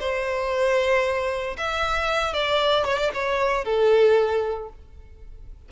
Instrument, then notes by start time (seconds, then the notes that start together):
violin
0.00 C5
1.57 E5
2.33 D5
2.85 C#5
2.98 D5
3.14 C#5
3.65 A4